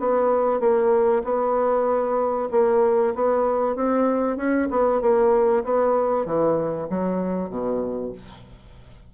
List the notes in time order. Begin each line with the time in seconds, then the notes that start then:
0.00 B3
0.60 A#3
1.24 B3
2.52 A#3
3.15 B3
3.76 C4
4.37 C#4
4.71 B3
5.02 A#3
5.64 B3
6.26 E3
6.90 F#3
7.50 B2